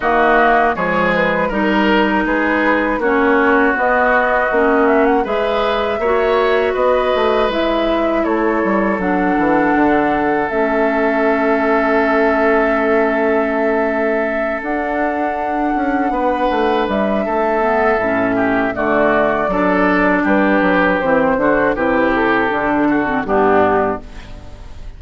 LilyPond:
<<
  \new Staff \with { instrumentName = "flute" } { \time 4/4 \tempo 4 = 80 dis''4 cis''8 b'8 ais'4 b'4 | cis''4 dis''4. e''16 fis''16 e''4~ | e''4 dis''4 e''4 cis''4 | fis''2 e''2~ |
e''2.~ e''8 fis''8~ | fis''2~ fis''8 e''4.~ | e''4 d''2 b'4 | c''4 b'8 a'4. g'4 | }
  \new Staff \with { instrumentName = "oboe" } { \time 4/4 fis'4 gis'4 ais'4 gis'4 | fis'2. b'4 | cis''4 b'2 a'4~ | a'1~ |
a'1~ | a'4. b'4. a'4~ | a'8 g'8 fis'4 a'4 g'4~ | g'8 fis'8 g'4. fis'8 d'4 | }
  \new Staff \with { instrumentName = "clarinet" } { \time 4/4 ais4 gis4 dis'2 | cis'4 b4 cis'4 gis'4 | fis'2 e'2 | d'2 cis'2~ |
cis'2.~ cis'8 d'8~ | d'2.~ d'8 b8 | cis'4 a4 d'2 | c'8 d'8 e'4 d'8. c'16 b4 | }
  \new Staff \with { instrumentName = "bassoon" } { \time 4/4 dis4 f4 g4 gis4 | ais4 b4 ais4 gis4 | ais4 b8 a8 gis4 a8 g8 | fis8 e8 d4 a2~ |
a2.~ a8 d'8~ | d'4 cis'8 b8 a8 g8 a4 | a,4 d4 fis4 g8 fis8 | e8 d8 c4 d4 g,4 | }
>>